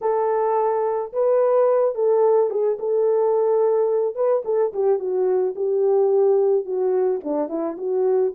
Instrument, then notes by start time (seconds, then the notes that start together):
horn
0.01 A4
1.12 B4
1.94 A4
2.50 G#4
2.79 A4
4.15 B4
4.44 A4
4.73 G4
4.98 F#4
5.55 G4
6.65 F#4
7.23 D4
7.48 E4
7.77 F#4